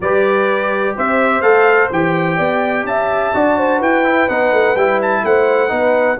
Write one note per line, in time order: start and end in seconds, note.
0.00 0.95 G3
0.00 1.42 G4
0.00 0.95 B4
0.00 0.96 D5
0.95 1.42 C4
0.95 2.36 C5
0.95 1.41 E5
1.41 1.89 A3
1.41 1.90 A4
1.41 1.89 F5
1.91 2.39 E3
1.91 3.33 G4
1.91 2.86 G5
2.36 2.84 B3
2.36 2.84 D5
2.84 3.31 C#4
2.84 3.35 E5
2.84 3.81 A5
3.33 3.80 D4
3.33 4.04 F#4
3.33 3.58 D5
3.58 3.79 C5
3.79 4.28 E4
3.79 5.21 B4
3.79 4.28 G5
4.04 4.28 E4
4.28 4.52 B3
4.28 4.76 D#4
4.28 4.76 F#5
4.52 4.75 A3
4.75 5.23 G3
4.75 5.69 E4
4.75 5.00 G5
5.02 5.25 A5
5.24 5.70 A3
5.24 5.70 C5
5.24 6.19 F#5
5.69 6.18 B3
5.69 6.16 D#4
5.69 6.18 B4